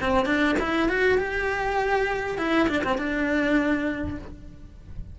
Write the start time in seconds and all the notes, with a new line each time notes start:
0.00 C4
0.25 D4
0.59 E4
0.88 F#4
1.18 G4
2.38 E4
2.68 D4
2.83 C4
2.98 D4